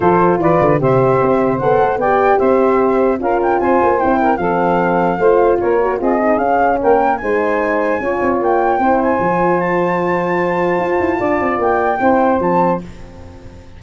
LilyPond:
<<
  \new Staff \with { instrumentName = "flute" } { \time 4/4 \tempo 4 = 150 c''4 d''4 e''2 | fis''4 g''4 e''2 | f''8 g''8 gis''4 g''4 f''4~ | f''2 cis''4 dis''4 |
f''4 g''4 gis''2~ | gis''4 g''4. gis''4. | a''1~ | a''4 g''2 a''4 | }
  \new Staff \with { instrumentName = "saxophone" } { \time 4/4 a'4 b'4 c''2~ | c''4 d''4 c''2 | ais'4 c''4. ais'8 a'4~ | a'4 c''4 ais'4 gis'4~ |
gis'4 ais'4 c''2 | cis''2 c''2~ | c''1 | d''2 c''2 | }
  \new Staff \with { instrumentName = "horn" } { \time 4/4 f'2 g'2 | a'4 g'2. | f'2 e'4 c'4~ | c'4 f'4. fis'8 f'8 dis'8 |
cis'2 dis'2 | f'2 e'4 f'4~ | f'1~ | f'2 e'4 c'4 | }
  \new Staff \with { instrumentName = "tuba" } { \time 4/4 f4 e8 d8 c4 c'4 | b8 a8 b4 c'2 | cis'4 c'8 ais8 c'4 f4~ | f4 a4 ais4 c'4 |
cis'4 ais4 gis2 | cis'8 c'8 ais4 c'4 f4~ | f2. f'8 e'8 | d'8 c'8 ais4 c'4 f4 | }
>>